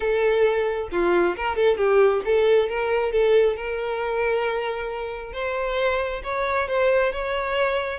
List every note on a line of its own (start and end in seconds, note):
0.00 0.88 A4
0.91 1.36 F4
1.36 1.56 A#4
1.56 1.77 A4
1.77 2.21 G4
2.24 2.69 A4
2.69 3.12 A#4
3.12 3.56 A4
3.56 5.33 A#4
5.33 6.21 C5
6.23 6.67 C#5
6.68 7.12 C5
7.12 7.99 C#5